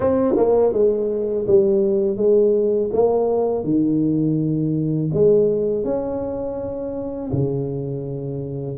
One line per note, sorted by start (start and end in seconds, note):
0.00 0.35 C4
0.36 0.72 A#3
0.72 1.45 G#3
1.47 2.16 G3
2.16 2.89 G#3
2.92 3.64 A#3
3.64 5.10 D#3
5.13 5.84 G#3
5.84 7.30 C#4
7.32 8.77 C#3